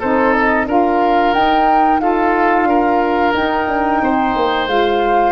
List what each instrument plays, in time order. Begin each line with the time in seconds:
0.00 tuba C4, saxophone D#4, oboe A4, flute C5
0.34 flute D#5
0.67 tuba D4, saxophone F4, oboe A#4, flute F5
1.33 tuba D#4, saxophone D#4, flute G5
2.00 saxophone F4, oboe A4, flute F5
2.65 tuba D4, oboe A#4
3.34 tuba D#4, saxophone D#4, flute G5
3.68 tuba D4
4.02 tuba C4, oboe C5
4.36 tuba A#3
4.67 tuba G#3, saxophone F4, flute F5